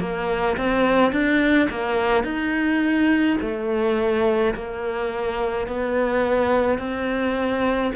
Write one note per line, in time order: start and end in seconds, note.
0.00 0.57 A#3
0.57 1.12 C4
1.12 1.69 D4
1.70 2.24 A#3
2.24 3.37 D#4
3.41 4.54 A3
4.55 5.68 A#3
5.68 6.79 B3
6.79 7.92 C4